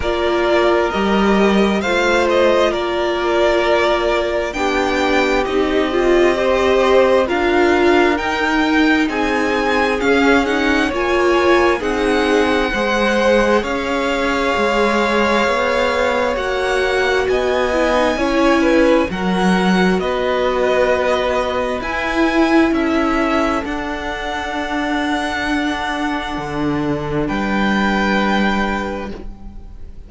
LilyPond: <<
  \new Staff \with { instrumentName = "violin" } { \time 4/4 \tempo 4 = 66 d''4 dis''4 f''8 dis''8 d''4~ | d''4 g''4 dis''2 | f''4 g''4 gis''4 f''8 fis''8 | gis''4 fis''2 f''4~ |
f''2 fis''4 gis''4~ | gis''4 fis''4 dis''2 | gis''4 e''4 fis''2~ | fis''2 g''2 | }
  \new Staff \with { instrumentName = "violin" } { \time 4/4 ais'2 c''4 ais'4~ | ais'4 g'2 c''4 | ais'2 gis'2 | cis''4 gis'4 c''4 cis''4~ |
cis''2. dis''4 | cis''8 b'8 ais'4 b'2~ | b'4 a'2.~ | a'2 b'2 | }
  \new Staff \with { instrumentName = "viola" } { \time 4/4 f'4 g'4 f'2~ | f'4 d'4 dis'8 f'8 g'4 | f'4 dis'2 cis'8 dis'8 | f'4 dis'4 gis'2~ |
gis'2 fis'4. e'16 dis'16 | e'4 fis'2. | e'2 d'2~ | d'1 | }
  \new Staff \with { instrumentName = "cello" } { \time 4/4 ais4 g4 a4 ais4~ | ais4 b4 c'2 | d'4 dis'4 c'4 cis'4 | ais4 c'4 gis4 cis'4 |
gis4 b4 ais4 b4 | cis'4 fis4 b2 | e'4 cis'4 d'2~ | d'4 d4 g2 | }
>>